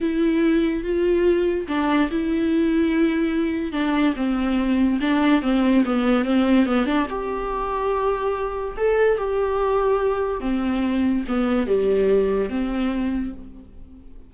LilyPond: \new Staff \with { instrumentName = "viola" } { \time 4/4 \tempo 4 = 144 e'2 f'2 | d'4 e'2.~ | e'4 d'4 c'2 | d'4 c'4 b4 c'4 |
b8 d'8 g'2.~ | g'4 a'4 g'2~ | g'4 c'2 b4 | g2 c'2 | }